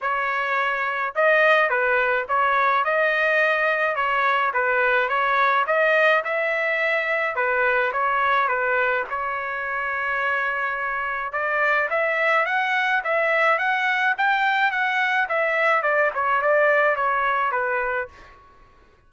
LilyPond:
\new Staff \with { instrumentName = "trumpet" } { \time 4/4 \tempo 4 = 106 cis''2 dis''4 b'4 | cis''4 dis''2 cis''4 | b'4 cis''4 dis''4 e''4~ | e''4 b'4 cis''4 b'4 |
cis''1 | d''4 e''4 fis''4 e''4 | fis''4 g''4 fis''4 e''4 | d''8 cis''8 d''4 cis''4 b'4 | }